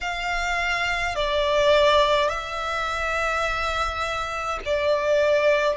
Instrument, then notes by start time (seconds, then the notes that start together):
violin
0.00 F5
1.15 D5
2.28 E5
4.65 D5